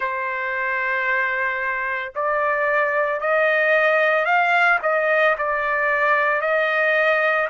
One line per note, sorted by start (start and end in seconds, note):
0.00 2.12 C5
2.15 3.20 D5
3.20 4.25 D#5
4.25 4.78 F5
4.82 5.36 D#5
5.38 6.40 D5
6.40 7.48 D#5